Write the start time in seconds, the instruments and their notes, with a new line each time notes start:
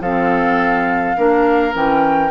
0.00 bassoon F3, clarinet C4, oboe A4, flute F5
1.16 bassoon A#3, clarinet D4, oboe A#4
1.72 bassoon E3, clarinet C#4, flute G5